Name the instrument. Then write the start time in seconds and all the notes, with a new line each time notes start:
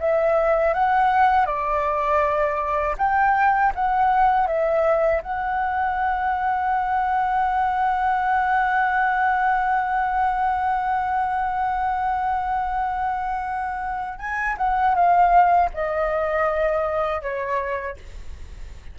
flute
0.00 E5
0.74 F#5
1.46 D5
2.98 G5
3.75 F#5
4.47 E5
5.23 F#5
14.19 G#5
14.58 F#5
14.95 F5
15.74 D#5
17.22 C#5